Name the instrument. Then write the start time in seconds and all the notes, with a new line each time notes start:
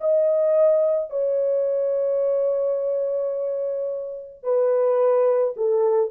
horn
0.00 D#5
1.10 C#5
4.43 B4
5.56 A4